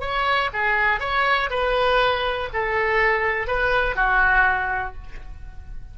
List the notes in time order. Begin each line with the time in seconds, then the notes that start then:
0.00 C#5
0.53 G#4
1.00 C#5
1.50 B4
2.53 A4
3.47 B4
3.95 F#4